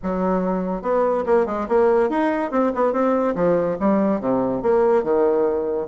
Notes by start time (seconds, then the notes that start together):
0.02 F#3
0.82 B3
1.26 A#3
1.46 G#3
1.68 A#3
2.09 D#4
2.51 C4
2.74 B3
2.93 C4
3.35 F3
3.80 G3
4.20 C3
4.62 A#3
5.03 D#3